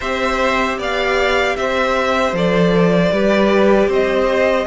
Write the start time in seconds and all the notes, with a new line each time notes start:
0.00 C4 G4 C5 E5
0.77 B3 D5 F5
1.56 C4 C5 E5
2.32 F3 A4 D5
3.11 G3 G4 B4
3.87 C4 C5 D#5